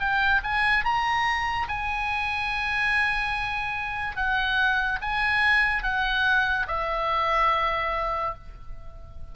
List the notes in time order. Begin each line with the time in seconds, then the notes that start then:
0.00 G5
0.44 G#5
0.85 A#5
1.69 G#5
4.17 F#5
5.02 G#5
5.84 F#5
6.68 E5